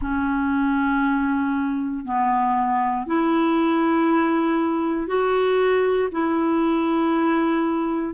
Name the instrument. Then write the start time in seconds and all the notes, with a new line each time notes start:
clarinet
0.01 C#4
2.05 B3
3.06 E4
5.07 F#4
6.11 E4